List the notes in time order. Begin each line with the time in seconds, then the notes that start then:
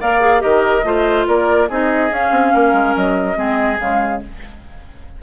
0.00 A#3 A#4 D5 F5
0.21 G#4
0.40 D#3 G4 A#4 D#5
0.84 A3 F4 C5
1.28 A#3 A#4 D5
1.69 C4 D#4 G#4 D#5
2.10 C#4 F5
2.31 C4
2.54 A#3 A#4
2.73 G#3
2.96 F#3 D#5
3.35 G#3 C4 G#4
3.80 C#3 G#3 F5